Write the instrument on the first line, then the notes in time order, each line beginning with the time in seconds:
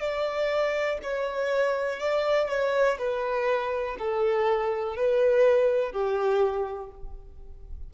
violin
0.00 D5
1.03 C#5
2.00 D5
2.49 C#5
2.99 B4
3.99 A4
4.96 B4
5.92 G4